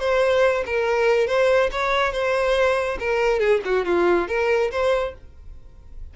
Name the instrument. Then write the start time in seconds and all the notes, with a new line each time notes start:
violin
0.00 C5
0.66 A#4
1.27 C5
1.72 C#5
2.13 C5
3.00 A#4
3.40 G#4
3.65 F#4
3.85 F4
4.28 A#4
4.71 C5